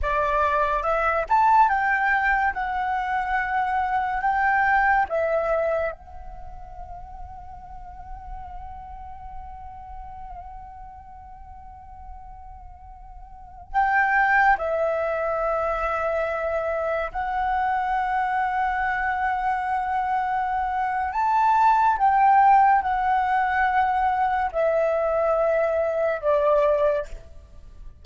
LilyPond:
\new Staff \with { instrumentName = "flute" } { \time 4/4 \tempo 4 = 71 d''4 e''8 a''8 g''4 fis''4~ | fis''4 g''4 e''4 fis''4~ | fis''1~ | fis''1~ |
fis''16 g''4 e''2~ e''8.~ | e''16 fis''2.~ fis''8.~ | fis''4 a''4 g''4 fis''4~ | fis''4 e''2 d''4 | }